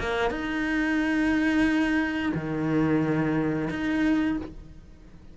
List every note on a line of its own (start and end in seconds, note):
0.00 0.31 A#3
0.31 2.33 D#4
2.35 3.70 D#3
3.70 4.38 D#4